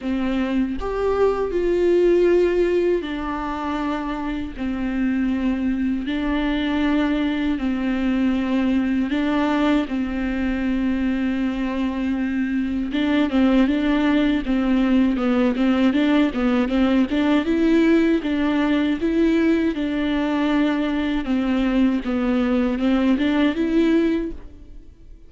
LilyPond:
\new Staff \with { instrumentName = "viola" } { \time 4/4 \tempo 4 = 79 c'4 g'4 f'2 | d'2 c'2 | d'2 c'2 | d'4 c'2.~ |
c'4 d'8 c'8 d'4 c'4 | b8 c'8 d'8 b8 c'8 d'8 e'4 | d'4 e'4 d'2 | c'4 b4 c'8 d'8 e'4 | }